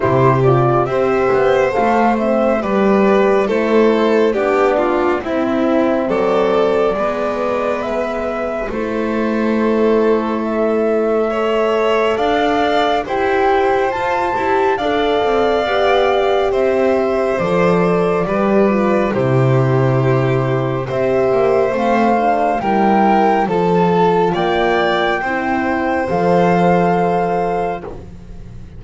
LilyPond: <<
  \new Staff \with { instrumentName = "flute" } { \time 4/4 \tempo 4 = 69 c''8 d''8 e''4 f''8 e''8 d''4 | c''4 d''4 e''4 d''4~ | d''4 e''4 c''2 | e''2 f''4 g''4 |
a''4 f''2 e''4 | d''2 c''2 | e''4 f''4 g''4 a''4 | g''2 f''2 | }
  \new Staff \with { instrumentName = "violin" } { \time 4/4 g'4 c''2 b'4 | a'4 g'8 f'8 e'4 a'4 | b'2 a'2~ | a'4 cis''4 d''4 c''4~ |
c''4 d''2 c''4~ | c''4 b'4 g'2 | c''2 ais'4 a'4 | d''4 c''2. | }
  \new Staff \with { instrumentName = "horn" } { \time 4/4 e'8 f'8 g'4 a'8 c'8 g'4 | e'4 d'4 c'2 | b2 e'2~ | e'4 a'2 g'4 |
f'8 g'8 a'4 g'2 | a'4 g'8 f'8 e'2 | g'4 c'8 d'8 e'4 f'4~ | f'4 e'4 a'2 | }
  \new Staff \with { instrumentName = "double bass" } { \time 4/4 c4 c'8 b8 a4 g4 | a4 b4 c'4 fis4 | gis2 a2~ | a2 d'4 e'4 |
f'8 e'8 d'8 c'8 b4 c'4 | f4 g4 c2 | c'8 ais8 a4 g4 f4 | ais4 c'4 f2 | }
>>